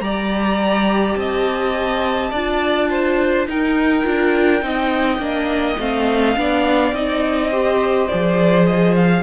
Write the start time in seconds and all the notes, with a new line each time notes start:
0.00 G3 G4 D5 A#5
1.16 C4 D#5 A5
2.31 D4 F4 D5
2.90 C5
3.47 D#4 A#4 G5
4.04 D4 F4
4.62 C4 D#4 D#5
5.18 A#3 D4
5.79 A3 C4 F5
6.37 B3 D4 D5
6.92 C4 D#4 D#5
7.50 G4 C5
8.08 F3 G#4 D5
8.66 D#5
8.96 F5